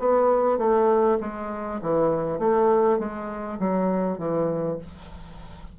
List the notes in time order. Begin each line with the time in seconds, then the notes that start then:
0.00 B3
0.58 A3
1.21 G#3
1.82 E3
2.39 A3
2.99 G#3
3.60 F#3
4.19 E3